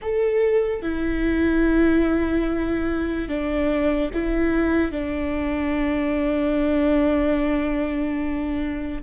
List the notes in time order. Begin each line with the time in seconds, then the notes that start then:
0.01 A4
0.81 E4
3.28 D4
4.13 E4
4.91 D4